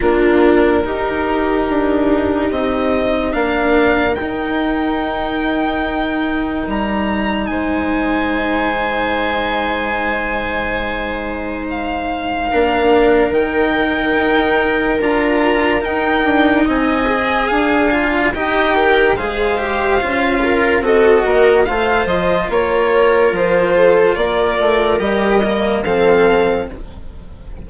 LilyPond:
<<
  \new Staff \with { instrumentName = "violin" } { \time 4/4 \tempo 4 = 72 ais'2. dis''4 | f''4 g''2. | ais''4 gis''2.~ | gis''2 f''2 |
g''2 ais''4 g''4 | gis''2 g''4 f''4~ | f''4 dis''4 f''8 dis''8 cis''4 | c''4 d''4 dis''4 f''4 | }
  \new Staff \with { instrumentName = "viola" } { \time 4/4 f'4 g'2. | ais'1~ | ais'4 c''2.~ | c''2. ais'4~ |
ais'1 | dis''4 f''4 dis''8 ais'8 c''4~ | c''8 ais'8 a'8 ais'8 c''4 ais'4~ | ais'8 a'8 ais'2 a'4 | }
  \new Staff \with { instrumentName = "cello" } { \time 4/4 d'4 dis'2. | d'4 dis'2.~ | dis'1~ | dis'2. d'4 |
dis'2 f'4 dis'4~ | dis'8 gis'4 f'8 g'4 gis'8 g'8 | f'4 fis'4 f'2~ | f'2 g'8 ais8 c'4 | }
  \new Staff \with { instrumentName = "bassoon" } { \time 4/4 ais4 dis'4 d'4 c'4 | ais4 dis'2. | g4 gis2.~ | gis2. ais4 |
dis4 dis'4 d'4 dis'8 d'8 | c'4 d'4 dis'4 gis4 | cis'4 c'8 ais8 a8 f8 ais4 | f4 ais8 a8 g4 f4 | }
>>